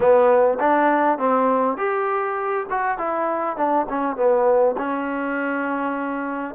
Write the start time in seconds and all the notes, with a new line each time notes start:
0.00 B3
0.59 D4
1.18 C4
1.77 G4
2.70 F#4
2.97 E4
3.56 D4
3.89 C#4
4.16 B3
4.77 C#4